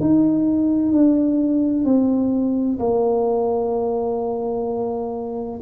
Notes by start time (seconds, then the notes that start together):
0.00 D#4
0.92 D4
1.85 C4
2.79 A#3